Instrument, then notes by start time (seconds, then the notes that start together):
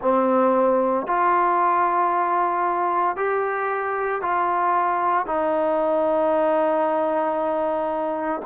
trombone
0.01 C4
1.07 F4
3.16 G4
4.21 F4
5.25 D#4